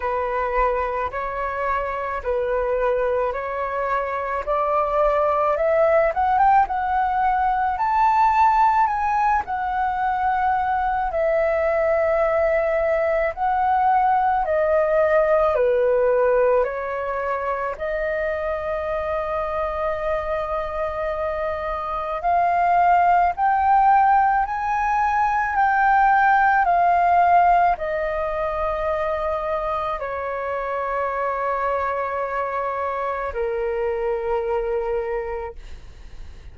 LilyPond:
\new Staff \with { instrumentName = "flute" } { \time 4/4 \tempo 4 = 54 b'4 cis''4 b'4 cis''4 | d''4 e''8 fis''16 g''16 fis''4 a''4 | gis''8 fis''4. e''2 | fis''4 dis''4 b'4 cis''4 |
dis''1 | f''4 g''4 gis''4 g''4 | f''4 dis''2 cis''4~ | cis''2 ais'2 | }